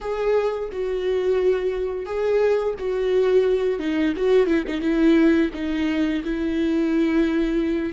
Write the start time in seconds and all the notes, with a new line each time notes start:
0.00 G#4
0.71 F#4
2.05 G#4
2.79 F#4
3.79 D#4
4.16 F#4
4.46 E4
4.67 D#4
4.81 E4
5.54 D#4
6.24 E4